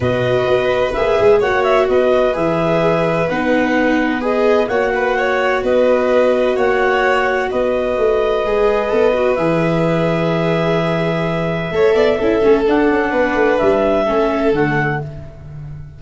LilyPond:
<<
  \new Staff \with { instrumentName = "clarinet" } { \time 4/4 \tempo 4 = 128 dis''2 e''4 fis''8 e''8 | dis''4 e''2 fis''4~ | fis''4 dis''4 fis''2 | dis''2 fis''2 |
dis''1 | e''1~ | e''2. fis''4~ | fis''4 e''2 fis''4 | }
  \new Staff \with { instrumentName = "violin" } { \time 4/4 b'2. cis''4 | b'1~ | b'2 cis''8 b'8 cis''4 | b'2 cis''2 |
b'1~ | b'1~ | b'4 cis''8 d''8 a'2 | b'2 a'2 | }
  \new Staff \with { instrumentName = "viola" } { \time 4/4 fis'2 gis'4 fis'4~ | fis'4 gis'2 dis'4~ | dis'4 gis'4 fis'2~ | fis'1~ |
fis'2 gis'4 a'8 fis'8 | gis'1~ | gis'4 a'4 e'8 cis'8 d'4~ | d'2 cis'4 a4 | }
  \new Staff \with { instrumentName = "tuba" } { \time 4/4 b,4 b4 ais8 gis8 ais4 | b4 e2 b4~ | b2 ais2 | b2 ais2 |
b4 a4 gis4 b4 | e1~ | e4 a8 b8 cis'8 a8 d'8 cis'8 | b8 a8 g4 a4 d4 | }
>>